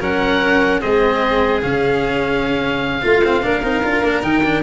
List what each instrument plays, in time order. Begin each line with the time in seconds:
0.00 tuba F#3, cello C#4, violin A#4, oboe F#5
0.80 tuba G#3, cello C4, violin G#4, oboe D#5
1.62 tuba C#3, cello C#4, oboe F5
3.02 tuba A3, cello F4, violin F4
3.24 cello C4
3.42 tuba A#3, cello D4, violin A#4
3.63 tuba C4, cello D#4
3.83 tuba D4, cello F4
4.02 tuba A#3, cello D4
4.22 tuba D#3, cello D#4, oboe G5
4.43 cello D4